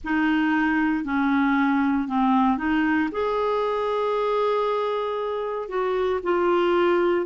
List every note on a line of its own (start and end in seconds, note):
0.03 1.04 D#4
1.04 2.07 C#4
2.08 2.57 C4
2.57 3.09 D#4
3.11 5.68 G#4
5.68 6.20 F#4
6.23 7.26 F4